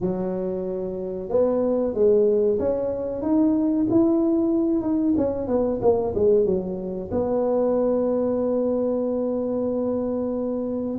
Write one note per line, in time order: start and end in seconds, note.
0.00 1.29 F#3
1.29 1.94 B3
1.94 2.58 G#3
2.59 3.22 C#4
3.22 3.86 D#4
3.90 4.81 E4
4.81 5.13 D#4
5.17 5.47 C#4
5.47 5.79 B3
5.81 6.13 A#3
6.14 6.45 G#3
6.45 7.09 F#3
7.11 10.98 B3